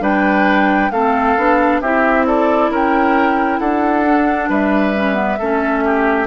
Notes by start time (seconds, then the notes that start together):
0.00 G3 D4 B4 G5
0.90 A3 C4 A4 F5
1.37 B3 D4
1.81 C4 E4 G4 E5
2.26 A4 D5
2.69 C#4 A#4 G5
3.59 D4 A4 F#5
4.06 D4
4.49 G3 B4 E5
4.95 C#4
5.14 B3
5.39 A3 C#4 A4
5.84 G4